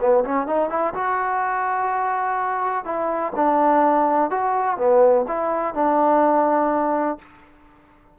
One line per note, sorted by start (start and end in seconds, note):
0.00 0.24 B3
0.24 0.47 C#4
0.47 0.70 D#4
0.70 0.94 E4
0.94 2.85 F#4
2.85 3.33 E4
3.36 4.30 D4
4.30 4.77 F#4
4.77 5.25 B3
5.28 5.75 E4
5.75 7.19 D4